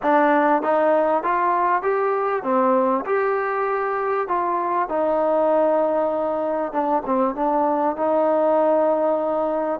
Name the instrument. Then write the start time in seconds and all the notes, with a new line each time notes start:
trombone
0.02 D4
0.62 D#4
1.23 F4
1.82 G4
2.43 C4
3.05 G4
4.28 F4
4.88 D#4
6.72 D4
7.05 C4
7.35 D4
7.96 D#4